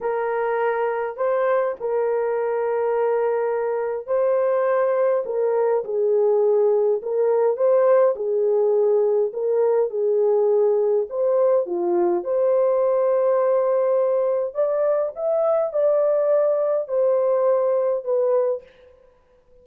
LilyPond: \new Staff \with { instrumentName = "horn" } { \time 4/4 \tempo 4 = 103 ais'2 c''4 ais'4~ | ais'2. c''4~ | c''4 ais'4 gis'2 | ais'4 c''4 gis'2 |
ais'4 gis'2 c''4 | f'4 c''2.~ | c''4 d''4 e''4 d''4~ | d''4 c''2 b'4 | }